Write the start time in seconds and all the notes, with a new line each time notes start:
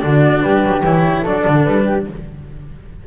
0.00 D3 D4 F#4 D5
0.42 G3 G4 B4
0.65 F#3
0.83 E3 E4 C#5
1.22 F#3 D4 A4 D5
1.47 D3
1.63 G3 B4
1.85 G4